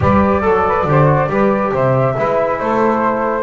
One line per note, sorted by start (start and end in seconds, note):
0.00 0.44 G3
0.00 0.41 G4
0.00 0.42 B4
0.00 1.73 D5
0.41 0.84 F#3
0.41 0.84 A4
0.41 0.63 A4
0.67 0.88 B4
0.84 1.27 D3
0.84 1.06 G4
0.84 1.30 C5
1.06 1.27 F#4
1.28 1.72 G3
1.28 2.15 G4
1.28 1.73 B4
1.73 2.16 C3
1.73 2.16 C5
1.73 2.59 E5
2.16 2.60 G#3
2.16 3.43 E4
2.16 2.60 B4
2.59 3.43 A3
2.59 3.43 A4
2.59 3.43 C5